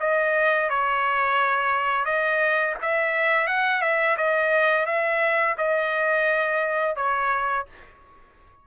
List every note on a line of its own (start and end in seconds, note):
0.00 0.70 D#5
0.70 2.05 C#5
2.05 2.75 D#5
2.82 3.48 E5
3.48 3.82 F#5
3.82 4.17 E5
4.17 4.86 D#5
4.86 5.56 E5
5.58 6.96 D#5
6.96 7.66 C#5